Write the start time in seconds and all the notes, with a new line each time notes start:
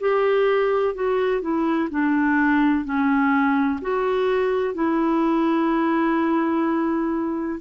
0.00 G4
0.95 F#4
1.42 E4
1.90 D4
2.85 C#4
3.82 F#4
4.74 E4